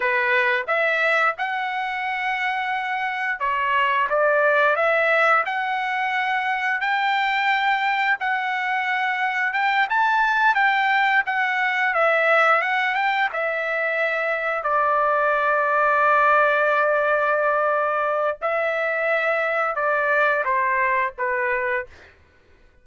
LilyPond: \new Staff \with { instrumentName = "trumpet" } { \time 4/4 \tempo 4 = 88 b'4 e''4 fis''2~ | fis''4 cis''4 d''4 e''4 | fis''2 g''2 | fis''2 g''8 a''4 g''8~ |
g''8 fis''4 e''4 fis''8 g''8 e''8~ | e''4. d''2~ d''8~ | d''2. e''4~ | e''4 d''4 c''4 b'4 | }